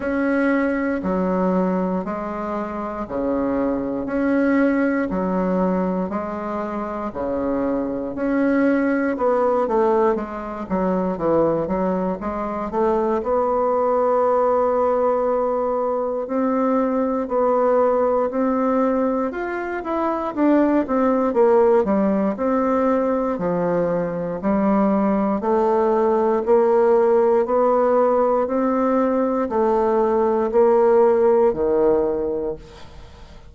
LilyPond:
\new Staff \with { instrumentName = "bassoon" } { \time 4/4 \tempo 4 = 59 cis'4 fis4 gis4 cis4 | cis'4 fis4 gis4 cis4 | cis'4 b8 a8 gis8 fis8 e8 fis8 | gis8 a8 b2. |
c'4 b4 c'4 f'8 e'8 | d'8 c'8 ais8 g8 c'4 f4 | g4 a4 ais4 b4 | c'4 a4 ais4 dis4 | }